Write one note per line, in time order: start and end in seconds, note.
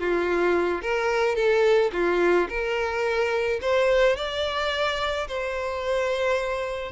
0.00 0.82 F4
0.82 1.36 A#4
1.36 1.91 A4
1.93 2.48 F4
2.49 3.60 A#4
3.62 4.17 C5
4.17 5.28 D5
5.28 6.92 C5